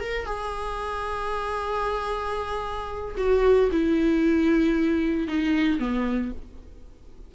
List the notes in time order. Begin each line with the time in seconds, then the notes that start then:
0.00 A#4
0.26 G#4
3.17 F#4
3.72 E4
5.28 D#4
5.79 B3